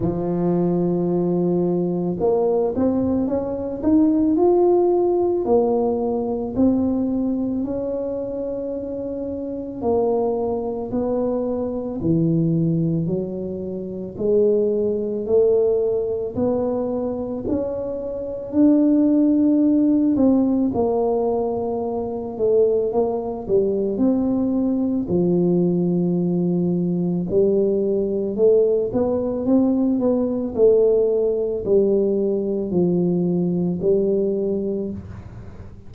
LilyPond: \new Staff \with { instrumentName = "tuba" } { \time 4/4 \tempo 4 = 55 f2 ais8 c'8 cis'8 dis'8 | f'4 ais4 c'4 cis'4~ | cis'4 ais4 b4 e4 | fis4 gis4 a4 b4 |
cis'4 d'4. c'8 ais4~ | ais8 a8 ais8 g8 c'4 f4~ | f4 g4 a8 b8 c'8 b8 | a4 g4 f4 g4 | }